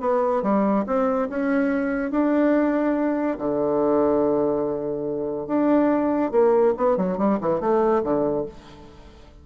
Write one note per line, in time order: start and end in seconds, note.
0.00 0.42 B3
0.42 0.85 G3
0.86 1.28 C4
1.29 2.11 C#4
2.11 3.38 D4
3.38 5.47 D3
5.47 6.31 D4
6.31 6.74 A#3
6.77 6.97 B3
6.97 7.18 F#3
7.18 7.39 G3
7.40 7.60 E3
7.60 8.02 A3
8.03 8.45 D3